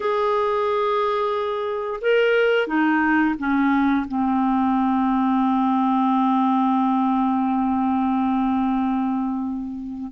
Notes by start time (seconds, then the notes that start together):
0.00 G#4
2.01 A#4
2.67 D#4
3.38 C#4
4.08 C4